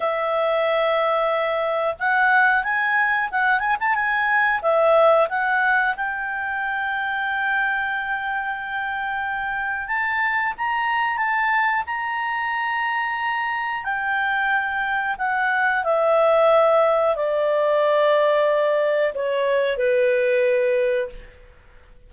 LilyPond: \new Staff \with { instrumentName = "clarinet" } { \time 4/4 \tempo 4 = 91 e''2. fis''4 | gis''4 fis''8 gis''16 a''16 gis''4 e''4 | fis''4 g''2.~ | g''2. a''4 |
ais''4 a''4 ais''2~ | ais''4 g''2 fis''4 | e''2 d''2~ | d''4 cis''4 b'2 | }